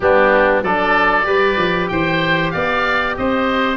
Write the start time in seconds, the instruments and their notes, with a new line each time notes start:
0.00 tuba G3, trombone B3, oboe D4 G4
0.62 tuba F#3, trombone D4, oboe A4 D5
1.23 tuba G3, trombone G4, oboe B4
1.57 tuba F3
1.88 tuba E3, oboe C5 G5
2.51 tuba B3, oboe D5 F5
3.17 tuba C4, oboe C5 D#5